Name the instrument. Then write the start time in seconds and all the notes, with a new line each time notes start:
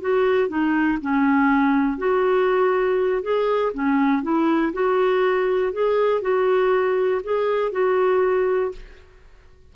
clarinet
0.00 F#4
0.48 D#4
1.01 C#4
1.97 F#4
3.22 G#4
3.73 C#4
4.22 E4
4.73 F#4
5.72 G#4
6.21 F#4
7.23 G#4
7.71 F#4